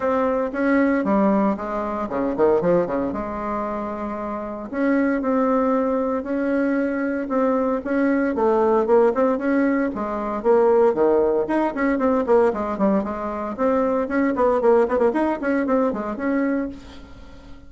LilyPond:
\new Staff \with { instrumentName = "bassoon" } { \time 4/4 \tempo 4 = 115 c'4 cis'4 g4 gis4 | cis8 dis8 f8 cis8 gis2~ | gis4 cis'4 c'2 | cis'2 c'4 cis'4 |
a4 ais8 c'8 cis'4 gis4 | ais4 dis4 dis'8 cis'8 c'8 ais8 | gis8 g8 gis4 c'4 cis'8 b8 | ais8 b16 ais16 dis'8 cis'8 c'8 gis8 cis'4 | }